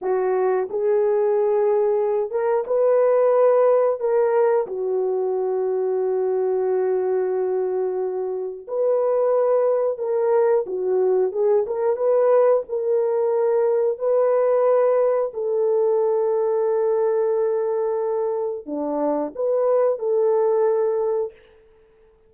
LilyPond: \new Staff \with { instrumentName = "horn" } { \time 4/4 \tempo 4 = 90 fis'4 gis'2~ gis'8 ais'8 | b'2 ais'4 fis'4~ | fis'1~ | fis'4 b'2 ais'4 |
fis'4 gis'8 ais'8 b'4 ais'4~ | ais'4 b'2 a'4~ | a'1 | d'4 b'4 a'2 | }